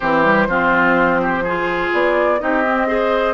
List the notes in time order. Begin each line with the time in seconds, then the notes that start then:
0.00 E3 C4 G4 C5
0.24 G3
0.47 F3 C4 F4
1.22 G4
1.43 F4 G#4
1.93 B3 D5
2.39 C4 D#4 G4 D#5
2.64 C4
2.87 G#4 C5